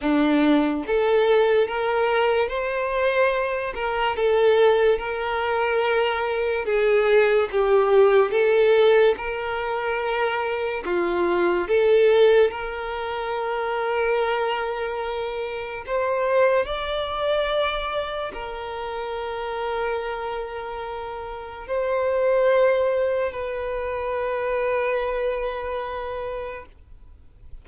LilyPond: \new Staff \with { instrumentName = "violin" } { \time 4/4 \tempo 4 = 72 d'4 a'4 ais'4 c''4~ | c''8 ais'8 a'4 ais'2 | gis'4 g'4 a'4 ais'4~ | ais'4 f'4 a'4 ais'4~ |
ais'2. c''4 | d''2 ais'2~ | ais'2 c''2 | b'1 | }